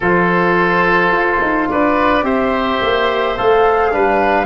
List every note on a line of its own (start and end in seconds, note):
0.00 1.11 F3
0.00 2.23 F4
0.00 1.68 A4
0.00 1.68 C5
1.11 1.39 F4
1.41 1.69 D#4
1.68 2.22 D4
1.68 2.24 B4
1.68 2.25 D5
2.22 2.79 C4
2.22 3.35 G4
2.22 3.93 C5
2.22 3.37 E5
2.81 3.37 A#3
3.37 3.94 A3
3.37 3.91 A4
3.37 4.45 F5
3.91 4.45 G3
3.91 4.45 D4
3.91 4.45 B4